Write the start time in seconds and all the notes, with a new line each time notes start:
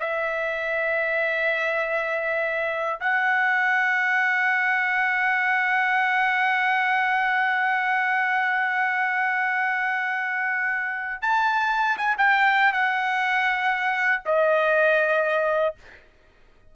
0.00 E5
3.00 F#5
11.22 A5
11.98 G#5
12.18 G5
12.73 F#5
14.26 D#5